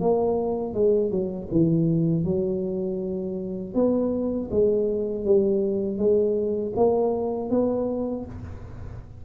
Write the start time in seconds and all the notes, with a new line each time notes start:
0.00 A#3
0.74 G#3
1.10 F#3
1.51 E3
2.24 F#3
3.74 B3
4.51 G#3
5.24 G3
5.98 G#3
6.76 A#3
7.50 B3